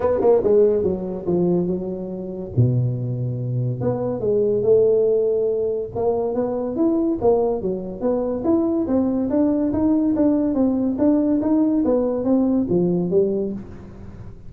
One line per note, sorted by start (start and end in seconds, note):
0.00 0.20 B3
0.20 0.41 A#3
0.43 0.83 G#3
0.83 1.25 F#3
1.26 1.67 F3
1.67 2.51 F#3
2.56 3.80 B2
3.80 4.20 B3
4.20 4.62 G#3
4.62 5.89 A3
5.95 6.34 A#3
6.34 6.76 B3
6.76 7.18 E4
7.21 7.61 A#3
7.61 8.01 F#3
8.01 8.43 B3
8.44 8.86 E4
8.87 9.29 C4
9.30 9.72 D4
9.72 10.14 D#4
10.15 10.54 D4
10.54 10.96 C4
10.98 11.40 D4
11.41 11.83 D#4
11.84 12.24 B3
12.24 12.66 C4
12.69 13.10 F3
13.10 13.52 G3